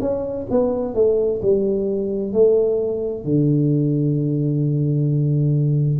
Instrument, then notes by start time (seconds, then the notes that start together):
tuba
0.00 C#4
0.50 B3
0.94 A3
1.42 G3
2.32 A3
3.24 D3